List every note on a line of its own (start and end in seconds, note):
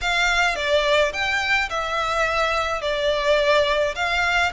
0.01 0.55 F5
0.55 1.12 D5
1.12 1.69 G5
1.69 2.81 E5
2.81 3.94 D5
3.95 4.51 F5